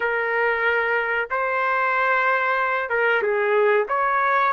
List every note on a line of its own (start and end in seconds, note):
0.00 1.28 A#4
1.30 2.89 C5
2.89 3.21 A#4
3.22 3.87 G#4
3.88 4.52 C#5